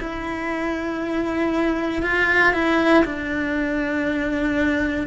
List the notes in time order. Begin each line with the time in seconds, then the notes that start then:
0.00 E4
2.03 F4
2.53 E4
3.05 D4